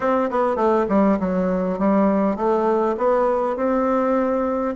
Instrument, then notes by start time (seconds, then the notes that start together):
bassoon
0.00 C4
0.30 B3
0.56 A3
0.89 G3
1.19 F#3
1.78 G3
2.36 A3
2.97 B3
3.56 C4